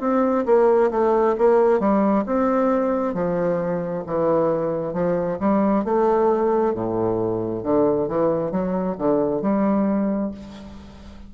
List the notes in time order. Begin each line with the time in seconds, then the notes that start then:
0.00 C4
0.46 A#3
0.90 A3
1.38 A#3
1.80 G3
2.26 C4
3.14 F3
4.06 E3
4.93 F3
5.39 G3
5.84 A3
6.74 A2
7.63 D3
8.08 E3
8.51 F#3
8.98 D3
9.42 G3